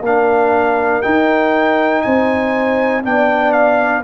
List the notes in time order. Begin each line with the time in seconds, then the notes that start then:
0.00 A#3 D4 A#4 F5
1.02 D#4 G5
2.01 C4 C5 G#5
3.03 B3 D4 D5 G5
3.51 F5